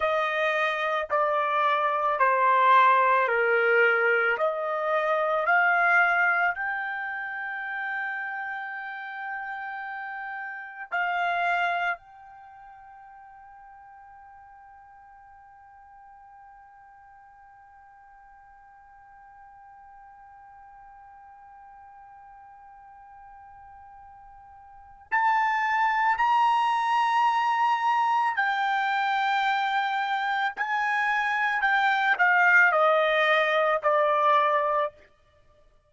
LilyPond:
\new Staff \with { instrumentName = "trumpet" } { \time 4/4 \tempo 4 = 55 dis''4 d''4 c''4 ais'4 | dis''4 f''4 g''2~ | g''2 f''4 g''4~ | g''1~ |
g''1~ | g''2. a''4 | ais''2 g''2 | gis''4 g''8 f''8 dis''4 d''4 | }